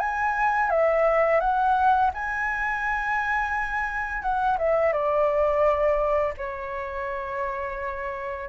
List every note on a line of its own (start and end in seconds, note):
0.00 0.70 G#5
0.70 1.41 E5
1.41 2.11 F#5
2.14 4.23 G#5
4.23 4.58 F#5
4.59 4.93 E5
4.93 6.34 D5
6.38 8.50 C#5